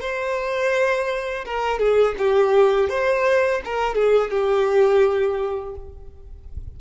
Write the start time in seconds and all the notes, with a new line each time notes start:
0.00 C5
1.45 A#4
1.79 G#4
2.18 G4
2.89 C5
3.64 A#4
3.95 G#4
4.30 G4